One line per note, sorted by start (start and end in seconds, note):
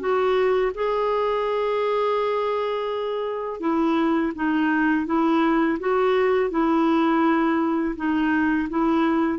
0.00 0.72 F#4
0.75 3.60 G#4
3.60 4.32 E4
4.35 5.06 D#4
5.06 5.79 E4
5.80 6.51 F#4
6.51 7.95 E4
7.96 8.68 D#4
8.70 9.39 E4